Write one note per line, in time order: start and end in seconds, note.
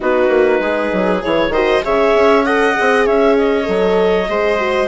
0.00 0.28 B3
0.00 1.21 D#4
0.00 0.61 F#4
0.00 1.23 B4
0.28 0.58 A#3
0.60 0.90 G#3
0.60 1.52 G#4
0.92 1.23 F#3
1.21 1.49 E3
1.21 1.52 E4
1.21 1.53 C#5
1.49 1.79 D#3
1.49 1.83 F#4
1.49 1.83 C5
1.49 1.83 D#5
1.83 2.14 C#3
1.83 2.45 G#4
1.83 2.46 C#5
1.83 2.44 E5
2.14 2.75 C#4
2.44 2.74 A4
2.44 3.06 D#5
2.44 3.05 F#5
2.74 3.07 C4
2.74 3.63 G#4
3.05 3.68 C#4
3.05 4.29 C#5
3.05 3.36 E5
3.37 4.88 D#5
3.63 4.28 F#3
3.63 4.25 A4
4.28 4.88 G#3
4.28 4.58 G#4
4.28 4.88 C5
4.58 4.88 F#4